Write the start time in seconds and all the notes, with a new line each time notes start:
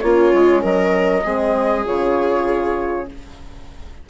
0.00 A#3 C#4 F4 C#5
0.33 G#3
0.62 F#3 A#4 D#5
1.23 G#3 C4 G#4
1.85 C#3 F4 C#5